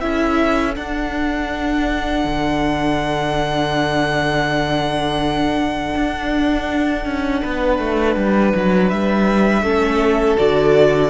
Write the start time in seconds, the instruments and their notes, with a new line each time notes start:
0.00 cello C#4, viola E4, violin A4 E5
0.75 viola D4, cello D4, violin F#5
2.24 cello D3
5.95 cello D4
7.05 cello C#4
7.42 cello B3, violin B4
7.79 cello A3
8.16 cello G3
8.55 cello F#3
8.88 cello G3, violin E5
9.62 cello A3, viola C#4, violin A4
10.37 cello D3, viola F#4, violin D5